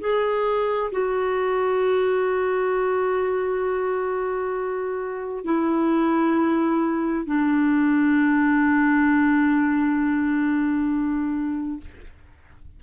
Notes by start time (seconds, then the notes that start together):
0.00 G#4
0.92 F#4
5.44 E4
7.26 D4